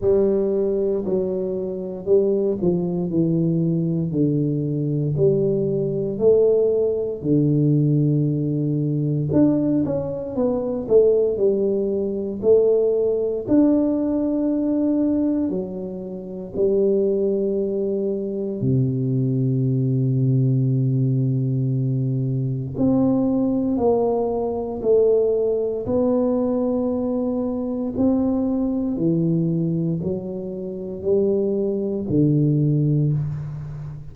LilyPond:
\new Staff \with { instrumentName = "tuba" } { \time 4/4 \tempo 4 = 58 g4 fis4 g8 f8 e4 | d4 g4 a4 d4~ | d4 d'8 cis'8 b8 a8 g4 | a4 d'2 fis4 |
g2 c2~ | c2 c'4 ais4 | a4 b2 c'4 | e4 fis4 g4 d4 | }